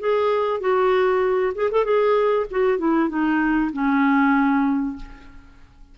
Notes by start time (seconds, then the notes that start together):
0.00 G#4
0.60 F#4
1.55 G#4
1.71 A4
1.84 G#4
2.51 F#4
2.78 E4
3.09 D#4
3.73 C#4